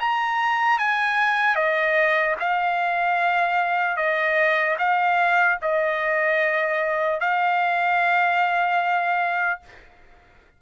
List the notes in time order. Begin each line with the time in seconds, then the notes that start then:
0.00 A#5
0.79 G#5
1.56 D#5
2.40 F5
3.97 D#5
4.79 F5
5.62 D#5
7.20 F5